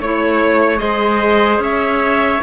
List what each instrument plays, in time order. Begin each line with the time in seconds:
0.00 cello A3, clarinet E4, trumpet C#5, violin C#5
0.77 cello G#3, clarinet G#4, trumpet C5, violin D#5
1.59 cello C#4, trumpet C#5, violin E5